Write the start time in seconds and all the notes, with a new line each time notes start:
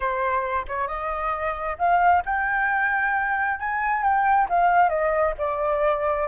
0.00 C5
0.67 C#5
0.87 D#5
1.78 F5
2.25 G5
3.59 G#5
4.03 G5
4.49 F5
4.89 D#5
5.38 D5